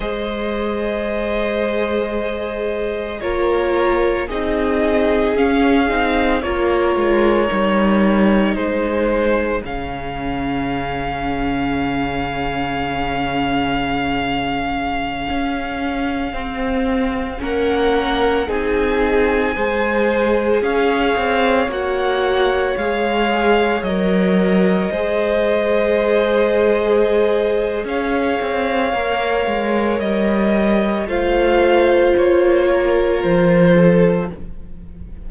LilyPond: <<
  \new Staff \with { instrumentName = "violin" } { \time 4/4 \tempo 4 = 56 dis''2. cis''4 | dis''4 f''4 cis''2 | c''4 f''2.~ | f''1~ |
f''16 fis''4 gis''2 f''8.~ | f''16 fis''4 f''4 dis''4.~ dis''16~ | dis''2 f''2 | dis''4 f''4 cis''4 c''4 | }
  \new Staff \with { instrumentName = "violin" } { \time 4/4 c''2. ais'4 | gis'2 ais'2 | gis'1~ | gis'1~ |
gis'16 ais'4 gis'4 c''4 cis''8.~ | cis''2.~ cis''16 c''8.~ | c''2 cis''2~ | cis''4 c''4. ais'4 a'8 | }
  \new Staff \with { instrumentName = "viola" } { \time 4/4 gis'2. f'4 | dis'4 cis'8 dis'8 f'4 dis'4~ | dis'4 cis'2.~ | cis'2.~ cis'16 c'8.~ |
c'16 cis'4 dis'4 gis'4.~ gis'16~ | gis'16 fis'4 gis'4 ais'4 gis'8.~ | gis'2. ais'4~ | ais'4 f'2. | }
  \new Staff \with { instrumentName = "cello" } { \time 4/4 gis2. ais4 | c'4 cis'8 c'8 ais8 gis8 g4 | gis4 cis2.~ | cis2~ cis16 cis'4 c'8.~ |
c'16 ais4 c'4 gis4 cis'8 c'16~ | c'16 ais4 gis4 fis4 gis8.~ | gis2 cis'8 c'8 ais8 gis8 | g4 a4 ais4 f4 | }
>>